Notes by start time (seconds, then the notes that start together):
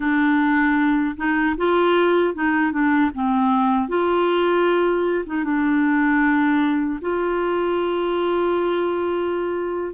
0.00 D4
1.16 D#4
1.57 F4
2.34 D#4
2.72 D4
3.14 C4
3.88 F4
5.26 D#4
5.44 D4
7.01 F4